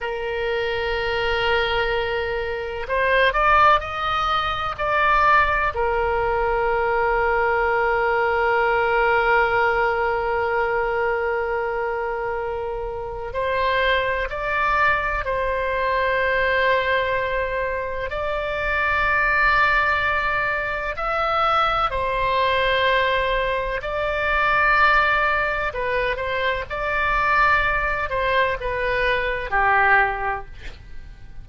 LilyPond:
\new Staff \with { instrumentName = "oboe" } { \time 4/4 \tempo 4 = 63 ais'2. c''8 d''8 | dis''4 d''4 ais'2~ | ais'1~ | ais'2 c''4 d''4 |
c''2. d''4~ | d''2 e''4 c''4~ | c''4 d''2 b'8 c''8 | d''4. c''8 b'4 g'4 | }